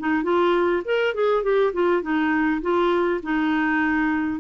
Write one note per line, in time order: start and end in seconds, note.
0.00 0.24 D#4
0.24 0.83 F4
0.85 1.15 A#4
1.15 1.44 G#4
1.44 1.73 G4
1.74 2.02 F4
2.02 2.62 D#4
2.62 3.21 F4
3.23 4.41 D#4